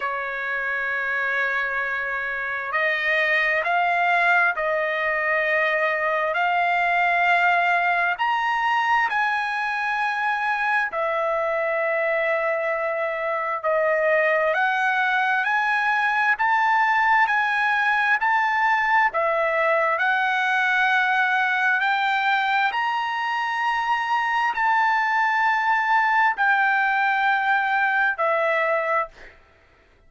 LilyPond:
\new Staff \with { instrumentName = "trumpet" } { \time 4/4 \tempo 4 = 66 cis''2. dis''4 | f''4 dis''2 f''4~ | f''4 ais''4 gis''2 | e''2. dis''4 |
fis''4 gis''4 a''4 gis''4 | a''4 e''4 fis''2 | g''4 ais''2 a''4~ | a''4 g''2 e''4 | }